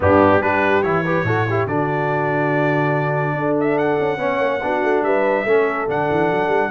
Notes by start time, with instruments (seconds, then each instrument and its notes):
0.00 tuba G2, trombone B3, horn D4, trumpet G4
0.40 tuba G3, trombone D4, horn G4, trumpet B4
0.82 tuba E3, trombone E4, trumpet C#5
1.03 trombone G4, horn B4
1.23 tuba A2, trombone F#4, horn A4
1.48 trombone E4, horn G4
1.66 tuba D3, trombone D4, horn F#4, trumpet D5
3.33 tuba D4, horn A4
3.59 trumpet E5
3.78 trumpet F#5
3.99 tuba C#4
4.17 tuba B3, trombone C#4, horn C#5
4.39 tuba A#3
4.62 tuba B3, trombone D4, horn F#4
4.83 tuba A3
5.02 tuba G3, horn B4, trumpet E5
5.44 tuba A3, trombone C#4, horn A4
5.87 tuba D3, trombone D4, trumpet F#5
6.10 tuba E3
6.31 tuba F#3
6.47 tuba G3